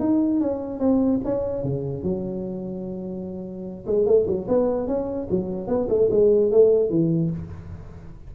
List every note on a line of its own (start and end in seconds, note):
0.00 0.41 D#4
0.41 0.80 C#4
0.80 1.20 C4
1.25 1.63 C#4
1.63 2.03 C#3
2.03 3.86 F#3
3.87 4.06 G#3
4.06 4.26 A3
4.27 4.47 F#3
4.48 4.88 B3
4.88 5.28 C#4
5.30 5.68 F#3
5.68 5.88 B3
5.89 6.09 A3
6.11 6.51 G#3
6.52 6.90 A3
6.90 7.30 E3